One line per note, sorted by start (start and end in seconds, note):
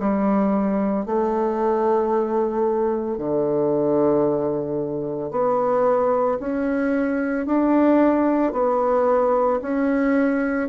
0.00 1.06 G3
1.06 3.18 A3
3.18 5.31 D3
5.31 6.38 B3
6.39 7.46 C#4
7.46 8.52 D4
8.52 9.59 B3
9.62 10.69 C#4